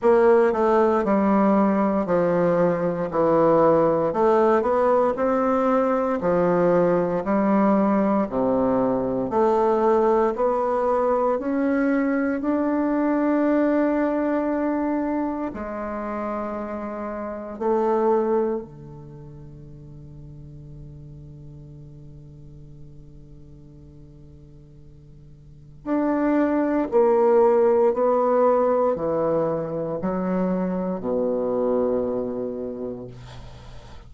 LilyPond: \new Staff \with { instrumentName = "bassoon" } { \time 4/4 \tempo 4 = 58 ais8 a8 g4 f4 e4 | a8 b8 c'4 f4 g4 | c4 a4 b4 cis'4 | d'2. gis4~ |
gis4 a4 d2~ | d1~ | d4 d'4 ais4 b4 | e4 fis4 b,2 | }